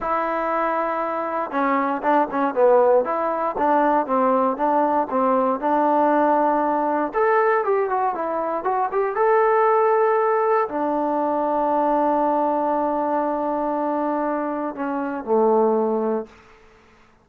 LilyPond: \new Staff \with { instrumentName = "trombone" } { \time 4/4 \tempo 4 = 118 e'2. cis'4 | d'8 cis'8 b4 e'4 d'4 | c'4 d'4 c'4 d'4~ | d'2 a'4 g'8 fis'8 |
e'4 fis'8 g'8 a'2~ | a'4 d'2.~ | d'1~ | d'4 cis'4 a2 | }